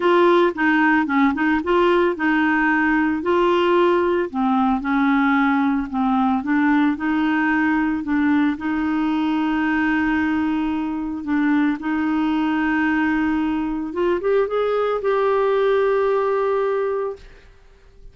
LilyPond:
\new Staff \with { instrumentName = "clarinet" } { \time 4/4 \tempo 4 = 112 f'4 dis'4 cis'8 dis'8 f'4 | dis'2 f'2 | c'4 cis'2 c'4 | d'4 dis'2 d'4 |
dis'1~ | dis'4 d'4 dis'2~ | dis'2 f'8 g'8 gis'4 | g'1 | }